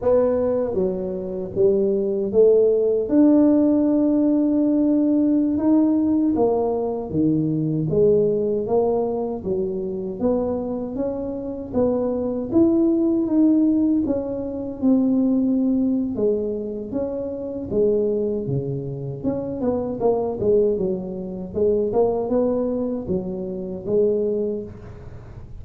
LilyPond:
\new Staff \with { instrumentName = "tuba" } { \time 4/4 \tempo 4 = 78 b4 fis4 g4 a4 | d'2.~ d'16 dis'8.~ | dis'16 ais4 dis4 gis4 ais8.~ | ais16 fis4 b4 cis'4 b8.~ |
b16 e'4 dis'4 cis'4 c'8.~ | c'4 gis4 cis'4 gis4 | cis4 cis'8 b8 ais8 gis8 fis4 | gis8 ais8 b4 fis4 gis4 | }